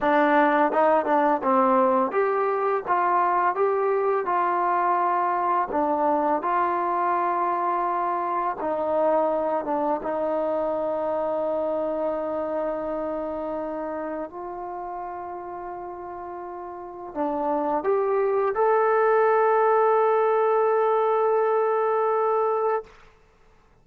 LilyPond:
\new Staff \with { instrumentName = "trombone" } { \time 4/4 \tempo 4 = 84 d'4 dis'8 d'8 c'4 g'4 | f'4 g'4 f'2 | d'4 f'2. | dis'4. d'8 dis'2~ |
dis'1 | f'1 | d'4 g'4 a'2~ | a'1 | }